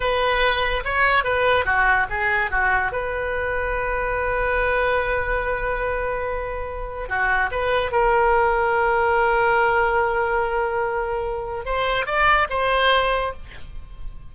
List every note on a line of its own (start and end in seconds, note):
0.00 0.83 B4
0.84 1.24 C#5
1.24 1.65 B4
1.65 2.06 F#4
2.09 2.50 G#4
2.50 2.92 F#4
2.92 7.08 B4
7.08 7.50 F#4
7.51 7.91 B4
7.91 11.65 A#4
11.65 12.06 C5
12.06 12.47 D5
12.49 13.33 C5